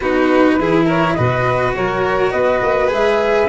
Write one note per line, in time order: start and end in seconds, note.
0.00 0.58 B3
0.00 0.60 D#4
0.00 0.59 F#4
0.00 0.85 B4
0.58 1.17 E3
0.58 1.17 E4
0.58 0.85 G#4
0.85 1.14 A#4
0.85 1.13 C#5
1.13 1.76 B2
1.13 2.87 F#4
1.13 1.75 B4
1.13 1.71 D#5
1.75 2.33 F#3
1.75 2.32 A#4
1.75 2.31 C#5
2.31 2.62 B3
2.31 3.48 B4
2.31 2.89 D#5
2.62 2.91 A#3
2.87 3.48 G#3
2.87 3.46 G#4
2.87 3.48 E5